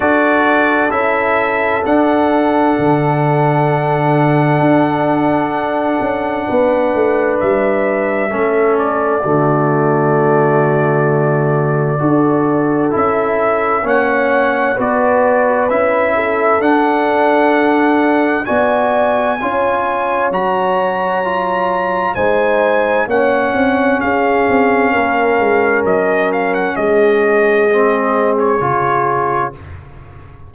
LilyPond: <<
  \new Staff \with { instrumentName = "trumpet" } { \time 4/4 \tempo 4 = 65 d''4 e''4 fis''2~ | fis''1 | e''4. d''2~ d''8~ | d''2 e''4 fis''4 |
d''4 e''4 fis''2 | gis''2 ais''2 | gis''4 fis''4 f''2 | dis''8 f''16 fis''16 dis''4.~ dis''16 cis''4~ cis''16 | }
  \new Staff \with { instrumentName = "horn" } { \time 4/4 a'1~ | a'2. b'4~ | b'4 a'4 fis'2~ | fis'4 a'2 cis''4 |
b'4. a'2~ a'8 | d''4 cis''2. | c''4 cis''4 gis'4 ais'4~ | ais'4 gis'2. | }
  \new Staff \with { instrumentName = "trombone" } { \time 4/4 fis'4 e'4 d'2~ | d'1~ | d'4 cis'4 a2~ | a4 fis'4 e'4 cis'4 |
fis'4 e'4 d'2 | fis'4 f'4 fis'4 f'4 | dis'4 cis'2.~ | cis'2 c'4 f'4 | }
  \new Staff \with { instrumentName = "tuba" } { \time 4/4 d'4 cis'4 d'4 d4~ | d4 d'4. cis'8 b8 a8 | g4 a4 d2~ | d4 d'4 cis'4 ais4 |
b4 cis'4 d'2 | b4 cis'4 fis2 | gis4 ais8 c'8 cis'8 c'8 ais8 gis8 | fis4 gis2 cis4 | }
>>